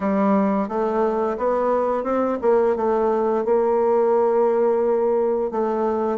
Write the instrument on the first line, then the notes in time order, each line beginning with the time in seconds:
bassoon
0.00 G3
0.68 A3
1.37 B3
2.03 C4
2.41 A#3
2.76 A3
3.45 A#3
5.51 A3